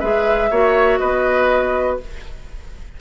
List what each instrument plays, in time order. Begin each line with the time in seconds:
0.00 bassoon G#3, clarinet G#4, oboe B4, flute E5
0.50 bassoon A#3, clarinet F#4, oboe C#5
0.98 bassoon B3, oboe B4, flute D#5